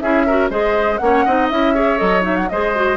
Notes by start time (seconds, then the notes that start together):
0.00 C#4 E4 G#4 E5
0.26 F#4 A#4
0.50 G#3 G#4 C5 D#5
0.98 A#3 C#4 C#5 F#5
1.25 C4 D#4 D#5
1.49 C#4 E4 E5
1.74 G#4 C#5
1.98 F#3 A4 D#5
2.22 D#4 E5
2.36 F#5
2.49 G#3 G#4 C5 D#5
2.75 F#4